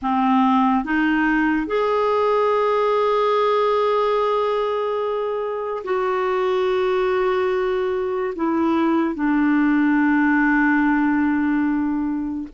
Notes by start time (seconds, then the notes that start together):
0.02 C4
0.84 D#4
1.66 G#4
5.84 F#4
8.35 E4
9.14 D4